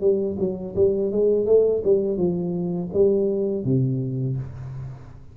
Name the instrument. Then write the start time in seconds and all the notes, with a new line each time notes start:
tuba
0.00 G3
0.38 F#3
0.75 G3
1.11 G#3
1.46 A3
1.84 G3
2.17 F3
2.93 G3
3.64 C3